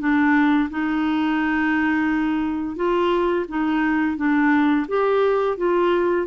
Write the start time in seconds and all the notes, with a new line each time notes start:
0.00 D4
0.70 D#4
2.76 F4
3.49 D#4
4.17 D4
4.88 G4
5.58 F4